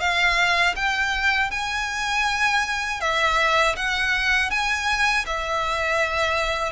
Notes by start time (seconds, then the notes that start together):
0.00 F5
0.76 G5
1.51 G#5
3.00 E5
3.76 F#5
4.50 G#5
5.26 E5